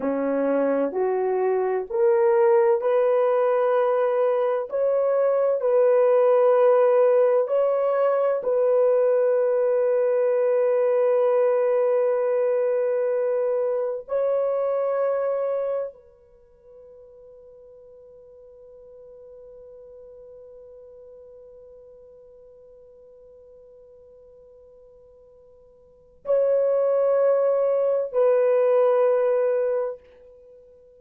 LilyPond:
\new Staff \with { instrumentName = "horn" } { \time 4/4 \tempo 4 = 64 cis'4 fis'4 ais'4 b'4~ | b'4 cis''4 b'2 | cis''4 b'2.~ | b'2. cis''4~ |
cis''4 b'2.~ | b'1~ | b'1 | cis''2 b'2 | }